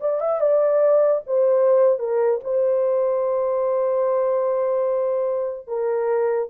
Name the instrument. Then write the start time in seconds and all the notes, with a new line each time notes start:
horn
0.00 D5
0.20 E5
0.40 D5
1.26 C5
1.99 A#4
2.44 C5
5.67 A#4